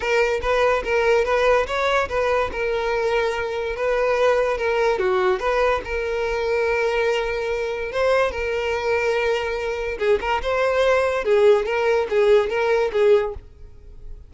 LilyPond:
\new Staff \with { instrumentName = "violin" } { \time 4/4 \tempo 4 = 144 ais'4 b'4 ais'4 b'4 | cis''4 b'4 ais'2~ | ais'4 b'2 ais'4 | fis'4 b'4 ais'2~ |
ais'2. c''4 | ais'1 | gis'8 ais'8 c''2 gis'4 | ais'4 gis'4 ais'4 gis'4 | }